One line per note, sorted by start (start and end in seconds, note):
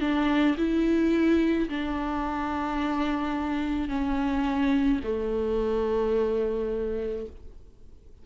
0.00 0.56 D4
0.58 1.69 E4
1.69 3.88 D4
3.88 4.99 C#4
5.04 7.26 A3